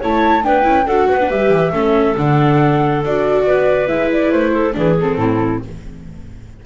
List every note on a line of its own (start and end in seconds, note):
0.00 0.44 A3
0.00 0.43 E4
0.00 0.43 C#5
0.00 0.44 A5
0.43 0.65 B3
0.43 0.62 D4
0.43 0.86 B4
0.43 0.87 G5
0.62 0.86 C#4
0.62 0.83 E4
0.86 1.07 D4
0.86 1.20 F#4
0.86 1.07 A4
0.86 1.30 F#5
1.09 1.30 B3
1.09 1.71 B4
1.20 1.29 D4
1.29 1.49 G3
1.29 1.72 G4
1.29 2.16 E5
1.49 1.71 E3
1.71 2.15 A3
1.71 2.16 C#4
1.71 3.44 A4
2.17 3.03 D3
2.17 3.03 D4
2.17 3.04 F#5
3.03 3.46 D4
3.03 3.87 F#4
3.03 3.88 D5
3.46 3.89 B3
3.46 4.52 B4
3.87 4.32 G#3
3.87 4.73 E4
3.87 4.10 E5
4.12 4.32 D5
4.32 4.75 A3
4.32 4.75 C5
4.52 4.74 A4
4.73 5.16 E3
4.73 4.95 D4
4.73 5.17 G#4
4.73 4.99 B4
4.99 5.65 C4
4.99 5.64 A4
5.16 5.59 A2
5.16 5.60 E4